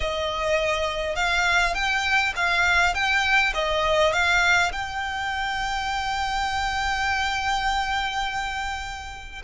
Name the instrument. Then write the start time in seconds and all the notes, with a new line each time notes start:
violin
0.00 D#5
1.15 F5
1.74 G5
2.36 F5
2.94 G5
3.53 D#5
4.12 F5
4.71 G5